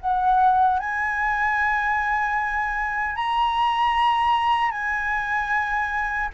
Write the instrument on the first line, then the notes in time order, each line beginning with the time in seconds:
flute
0.00 F#5
0.79 G#5
3.15 A#5
4.71 G#5